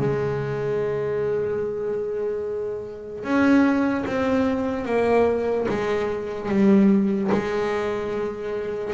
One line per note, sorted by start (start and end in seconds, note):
0.00 3.24 G#3
3.24 4.05 C#4
4.07 4.85 C4
4.85 5.66 A#3
5.69 6.49 G#3
6.49 7.30 G3
7.32 8.94 G#3